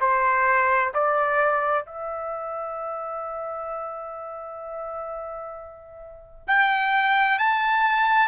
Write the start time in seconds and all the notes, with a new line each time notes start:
0.00 C5
0.94 D5
1.85 E5
6.47 G5
7.38 A5